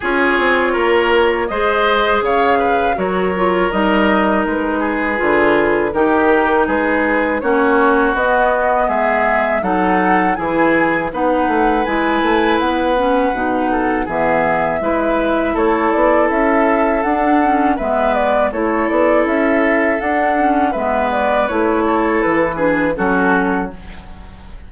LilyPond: <<
  \new Staff \with { instrumentName = "flute" } { \time 4/4 \tempo 4 = 81 cis''2 dis''4 f''4 | cis''4 dis''4 b'2 | ais'4 b'4 cis''4 dis''4 | e''4 fis''4 gis''4 fis''4 |
gis''4 fis''2 e''4~ | e''4 cis''8 d''8 e''4 fis''4 | e''8 d''8 cis''8 d''8 e''4 fis''4 | e''8 d''8 cis''4 b'4 a'4 | }
  \new Staff \with { instrumentName = "oboe" } { \time 4/4 gis'4 ais'4 c''4 cis''8 b'8 | ais'2~ ais'8 gis'4. | g'4 gis'4 fis'2 | gis'4 a'4 gis'4 b'4~ |
b'2~ b'8 a'8 gis'4 | b'4 a'2. | b'4 a'2. | b'4. a'4 gis'8 fis'4 | }
  \new Staff \with { instrumentName = "clarinet" } { \time 4/4 f'2 gis'2 | fis'8 f'8 dis'2 f'4 | dis'2 cis'4 b4~ | b4 dis'4 e'4 dis'4 |
e'4. cis'8 dis'4 b4 | e'2. d'8 cis'8 | b4 e'2 d'8 cis'8 | b4 e'4. d'8 cis'4 | }
  \new Staff \with { instrumentName = "bassoon" } { \time 4/4 cis'8 c'8 ais4 gis4 cis4 | fis4 g4 gis4 d4 | dis4 gis4 ais4 b4 | gis4 fis4 e4 b8 a8 |
gis8 a8 b4 b,4 e4 | gis4 a8 b8 cis'4 d'4 | gis4 a8 b8 cis'4 d'4 | gis4 a4 e4 fis4 | }
>>